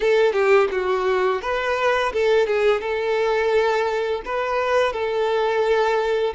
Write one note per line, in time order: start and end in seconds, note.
0.00 0.32 A4
0.32 0.68 G4
0.71 1.41 F#4
1.41 2.12 B4
2.12 2.46 A4
2.46 2.80 G#4
2.80 4.22 A4
4.25 4.92 B4
4.92 6.33 A4